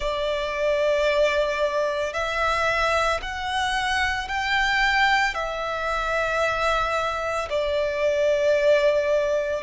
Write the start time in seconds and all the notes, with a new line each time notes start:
0.00 D5
2.13 E5
3.21 F#5
4.28 G5
5.34 E5
7.50 D5